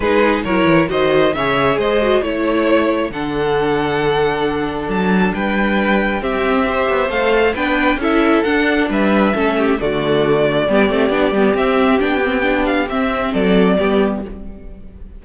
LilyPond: <<
  \new Staff \with { instrumentName = "violin" } { \time 4/4 \tempo 4 = 135 b'4 cis''4 dis''4 e''4 | dis''4 cis''2 fis''4~ | fis''2. a''4 | g''2 e''2 |
f''4 g''4 e''4 fis''4 | e''2 d''2~ | d''2 e''4 g''4~ | g''8 f''8 e''4 d''2 | }
  \new Staff \with { instrumentName = "violin" } { \time 4/4 gis'4 ais'4 c''4 cis''4 | c''4 cis''2 a'4~ | a'1 | b'2 g'4 c''4~ |
c''4 b'4 a'2 | b'4 a'8 g'8 fis'2 | g'1~ | g'2 a'4 g'4 | }
  \new Staff \with { instrumentName = "viola" } { \time 4/4 dis'4 e'4 fis'4 gis'4~ | gis'8 fis'8 e'2 d'4~ | d'1~ | d'2 c'4 g'4 |
a'4 d'4 e'4 d'4~ | d'4 cis'4 a2 | b8 c'8 d'8 b8 c'4 d'8 c'8 | d'4 c'2 b4 | }
  \new Staff \with { instrumentName = "cello" } { \time 4/4 gis4 fis8 e8 dis4 cis4 | gis4 a2 d4~ | d2. fis4 | g2 c'4. b8 |
a4 b4 cis'4 d'4 | g4 a4 d2 | g8 a8 b8 g8 c'4 b4~ | b4 c'4 fis4 g4 | }
>>